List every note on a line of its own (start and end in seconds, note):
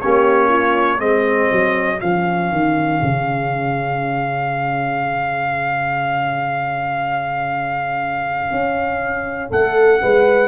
0.00 0.99 A#3
0.00 0.98 C#4
0.00 0.49 G4
0.00 1.00 C#5
0.49 0.98 F4
0.98 1.49 G#3
0.98 1.97 C4
0.98 9.48 G#4
0.98 2.00 D#5
1.51 2.01 F#3
1.97 2.51 F3
1.97 10.47 C#4
1.97 9.50 F5
2.51 3.01 D#3
3.01 8.51 C#3
8.51 9.51 C#4
9.50 10.01 A3
9.50 10.00 A4
9.50 10.48 F#5
10.01 10.48 G#3
10.01 10.48 B4